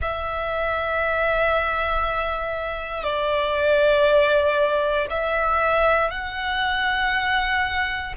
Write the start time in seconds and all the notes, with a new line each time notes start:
0.01 E5
3.03 D5
5.09 E5
6.10 F#5